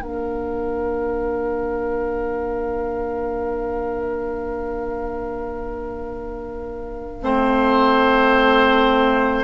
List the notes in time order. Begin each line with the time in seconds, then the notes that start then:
0.00 A#3 D4 A#4 F5
7.22 A3 C4 C5